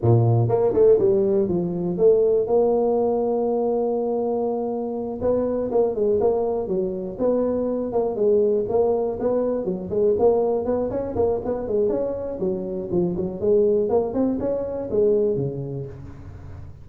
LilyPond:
\new Staff \with { instrumentName = "tuba" } { \time 4/4 \tempo 4 = 121 ais,4 ais8 a8 g4 f4 | a4 ais2.~ | ais2~ ais8 b4 ais8 | gis8 ais4 fis4 b4. |
ais8 gis4 ais4 b4 fis8 | gis8 ais4 b8 cis'8 ais8 b8 gis8 | cis'4 fis4 f8 fis8 gis4 | ais8 c'8 cis'4 gis4 cis4 | }